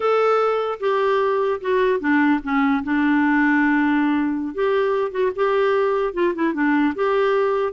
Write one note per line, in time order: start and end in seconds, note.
0.00 0.79 A4
0.80 1.60 G4
1.60 1.99 F#4
1.99 2.40 D4
2.43 2.83 C#4
2.83 4.54 D4
4.54 5.11 G4
5.11 5.31 F#4
5.35 6.13 G4
6.13 6.33 F4
6.35 6.53 E4
6.53 6.94 D4
6.95 7.72 G4